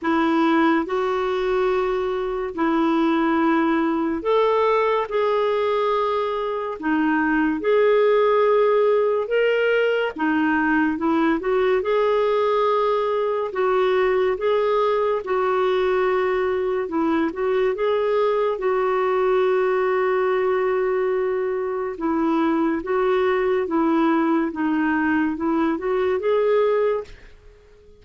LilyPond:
\new Staff \with { instrumentName = "clarinet" } { \time 4/4 \tempo 4 = 71 e'4 fis'2 e'4~ | e'4 a'4 gis'2 | dis'4 gis'2 ais'4 | dis'4 e'8 fis'8 gis'2 |
fis'4 gis'4 fis'2 | e'8 fis'8 gis'4 fis'2~ | fis'2 e'4 fis'4 | e'4 dis'4 e'8 fis'8 gis'4 | }